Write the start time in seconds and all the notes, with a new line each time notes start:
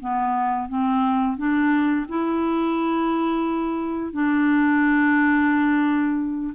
0.00 B3
0.68 C4
1.37 D4
2.08 E4
4.12 D4